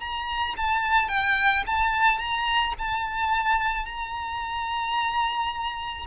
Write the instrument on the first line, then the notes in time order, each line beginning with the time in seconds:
violin
0.00 A#5
0.57 A5
1.08 G5
1.66 A5
2.18 A#5
2.79 A5
3.86 A#5